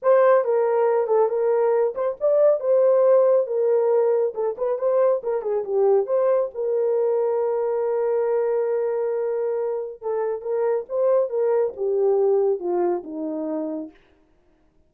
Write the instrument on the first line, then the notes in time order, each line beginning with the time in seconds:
horn
0.02 C5
0.44 A#4
1.07 A4
1.28 A#4
1.94 C5
2.20 D5
2.60 C5
3.46 A#4
4.34 A4
4.57 B4
4.78 C5
5.23 A#4
5.42 G#4
5.64 G4
6.06 C5
6.54 A#4
10.01 A4
10.41 A#4
10.88 C5
11.29 A#4
11.76 G4
12.59 F4
13.03 D#4